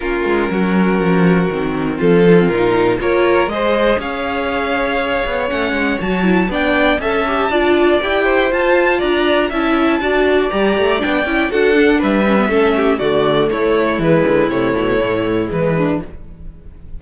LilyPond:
<<
  \new Staff \with { instrumentName = "violin" } { \time 4/4 \tempo 4 = 120 ais'1 | a'4 ais'4 cis''4 dis''4 | f''2. fis''4 | a''4 g''4 a''2 |
g''4 a''4 ais''4 a''4~ | a''4 ais''4 g''4 fis''4 | e''2 d''4 cis''4 | b'4 cis''2 b'4 | }
  \new Staff \with { instrumentName = "violin" } { \time 4/4 f'4 fis'2. | f'2 ais'4 c''4 | cis''1~ | cis''4 d''4 e''4 d''4~ |
d''8 c''4. d''4 e''4 | d''2. a'4 | b'4 a'8 g'8 fis'4 e'4~ | e'2.~ e'8 d'8 | }
  \new Staff \with { instrumentName = "viola" } { \time 4/4 cis'2. c'4~ | c'8 dis'16 c'16 dis'4 f'4 gis'4~ | gis'2. cis'4 | fis'8 e'8 d'4 a'8 g'8 f'4 |
g'4 f'2 e'4 | fis'4 g'4 d'8 e'8 fis'8 d'8~ | d'8 cis'16 b16 cis'4 a2 | gis4 a2 gis4 | }
  \new Staff \with { instrumentName = "cello" } { \time 4/4 ais8 gis8 fis4 f4 dis4 | f4 ais,4 ais4 gis4 | cis'2~ cis'8 b8 a8 gis8 | fis4 b4 cis'4 d'4 |
e'4 f'4 d'4 cis'4 | d'4 g8 a8 b8 cis'8 d'4 | g4 a4 d4 a4 | e8 d8 c8 b,8 a,4 e4 | }
>>